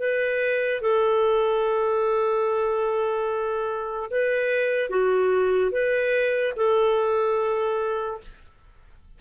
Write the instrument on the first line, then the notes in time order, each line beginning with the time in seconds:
clarinet
0.00 B4
0.81 A4
4.11 B4
4.90 F#4
5.72 B4
6.56 A4